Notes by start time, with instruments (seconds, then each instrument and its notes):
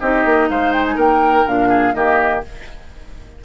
0.00 bassoon C4, clarinet D#4, oboe G4, flute D#5
0.25 bassoon A#3
0.49 bassoon G#3, oboe C5, flute F5
0.73 flute G5
0.86 flute G#5
0.95 bassoon A#3, oboe A#4, flute G5
1.46 bassoon A#2, clarinet D4, flute F5
1.68 oboe G#4
1.93 bassoon D#3, clarinet A#3, oboe G4, flute D#5